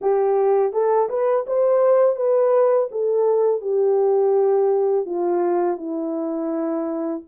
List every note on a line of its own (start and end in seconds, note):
0.01 0.72 G4
0.72 1.08 A4
1.09 1.45 B4
1.46 2.16 C5
2.16 2.88 B4
2.91 3.61 A4
3.61 5.05 G4
5.05 5.77 F4
5.77 7.21 E4